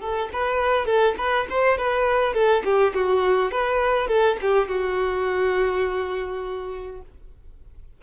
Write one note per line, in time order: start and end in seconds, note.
0.00 0.29 A4
0.33 0.86 B4
0.86 1.15 A4
1.17 1.46 B4
1.49 1.77 C5
1.77 2.34 B4
2.34 2.63 A4
2.64 2.93 G4
2.94 3.51 F#4
3.51 4.08 B4
4.08 4.37 A4
4.41 4.68 G4
4.68 7.01 F#4